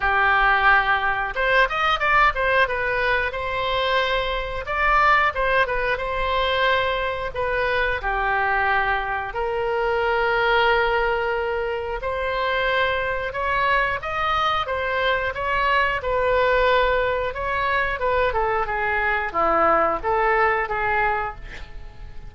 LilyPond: \new Staff \with { instrumentName = "oboe" } { \time 4/4 \tempo 4 = 90 g'2 c''8 dis''8 d''8 c''8 | b'4 c''2 d''4 | c''8 b'8 c''2 b'4 | g'2 ais'2~ |
ais'2 c''2 | cis''4 dis''4 c''4 cis''4 | b'2 cis''4 b'8 a'8 | gis'4 e'4 a'4 gis'4 | }